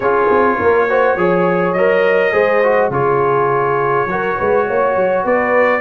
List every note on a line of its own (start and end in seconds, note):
0.00 0.27 C#4
0.00 0.89 F4
0.00 0.57 G#4
0.00 1.72 C#5
0.30 0.59 C4
0.58 1.16 A#3
0.58 0.87 A#4
0.89 1.17 F#4
0.89 1.18 C5
1.16 1.74 F3
1.16 1.76 G#4
1.16 2.32 C#5
1.72 2.32 F#3
1.72 2.32 A#4
1.72 2.89 D#5
2.32 2.89 G#3
2.32 2.61 G#4
2.32 2.91 C5
2.63 2.91 F#4
2.89 4.06 C#3
2.89 4.08 F4
2.89 4.08 G#4
2.89 5.26 C#5
4.06 4.35 F#3
4.06 5.81 F#4
4.06 4.36 A#4
4.36 4.69 G#3
4.36 4.65 B4
4.67 4.96 A#3
4.67 5.23 C#5
4.96 5.24 F#3
5.23 5.81 B3
5.23 5.81 B4
5.23 5.81 D5